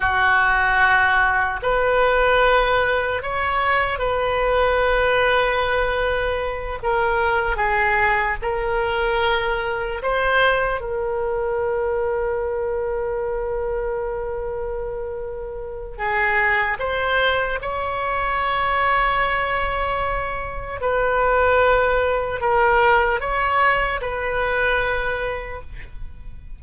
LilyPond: \new Staff \with { instrumentName = "oboe" } { \time 4/4 \tempo 4 = 75 fis'2 b'2 | cis''4 b'2.~ | b'8 ais'4 gis'4 ais'4.~ | ais'8 c''4 ais'2~ ais'8~ |
ais'1 | gis'4 c''4 cis''2~ | cis''2 b'2 | ais'4 cis''4 b'2 | }